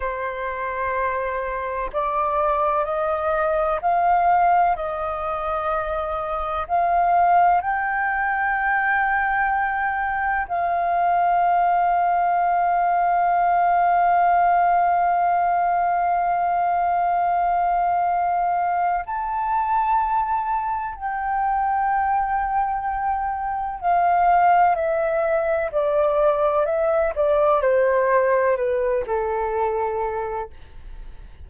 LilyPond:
\new Staff \with { instrumentName = "flute" } { \time 4/4 \tempo 4 = 63 c''2 d''4 dis''4 | f''4 dis''2 f''4 | g''2. f''4~ | f''1~ |
f''1 | a''2 g''2~ | g''4 f''4 e''4 d''4 | e''8 d''8 c''4 b'8 a'4. | }